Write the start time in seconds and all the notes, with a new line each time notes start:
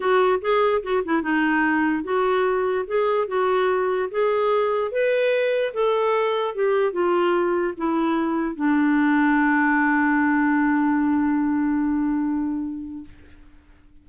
0.00 F#4
0.41 G#4
0.83 F#4
1.04 E4
1.22 D#4
2.03 F#4
2.86 G#4
3.27 F#4
4.10 G#4
4.91 B4
5.73 A4
6.55 G4
6.92 F4
7.77 E4
8.55 D4